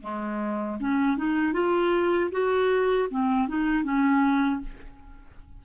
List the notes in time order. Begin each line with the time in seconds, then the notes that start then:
0.00 G#3
0.80 C#4
1.17 D#4
1.53 F4
2.31 F#4
3.10 C4
3.48 D#4
3.84 C#4